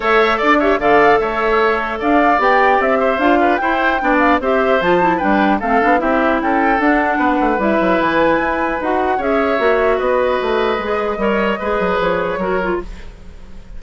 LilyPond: <<
  \new Staff \with { instrumentName = "flute" } { \time 4/4 \tempo 4 = 150 e''4 d''8 e''8 f''4 e''4~ | e''4 f''4 g''4 e''4 | f''4 g''4. f''8 e''4 | a''4 g''4 f''4 e''4 |
g''4 fis''2 e''4 | gis''2 fis''4 e''4~ | e''4 dis''2.~ | dis''2 cis''2 | }
  \new Staff \with { instrumentName = "oboe" } { \time 4/4 cis''4 d''8 cis''8 d''4 cis''4~ | cis''4 d''2~ d''8 c''8~ | c''8 b'8 c''4 d''4 c''4~ | c''4 b'4 a'4 g'4 |
a'2 b'2~ | b'2. cis''4~ | cis''4 b'2. | cis''4 b'2 ais'4 | }
  \new Staff \with { instrumentName = "clarinet" } { \time 4/4 a'4. g'8 a'2~ | a'2 g'2 | f'4 e'4 d'4 g'4 | f'8 e'8 d'4 c'8 d'8 e'4~ |
e'4 d'2 e'4~ | e'2 fis'4 gis'4 | fis'2. gis'4 | ais'4 gis'2 fis'8 f'8 | }
  \new Staff \with { instrumentName = "bassoon" } { \time 4/4 a4 d'4 d4 a4~ | a4 d'4 b4 c'4 | d'4 e'4 b4 c'4 | f4 g4 a8 b8 c'4 |
cis'4 d'4 b8 a8 g8 fis8 | e4 e'4 dis'4 cis'4 | ais4 b4 a4 gis4 | g4 gis8 fis8 f4 fis4 | }
>>